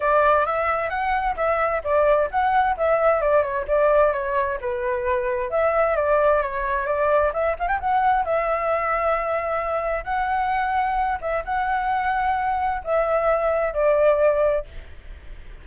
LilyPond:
\new Staff \with { instrumentName = "flute" } { \time 4/4 \tempo 4 = 131 d''4 e''4 fis''4 e''4 | d''4 fis''4 e''4 d''8 cis''8 | d''4 cis''4 b'2 | e''4 d''4 cis''4 d''4 |
e''8 f''16 g''16 fis''4 e''2~ | e''2 fis''2~ | fis''8 e''8 fis''2. | e''2 d''2 | }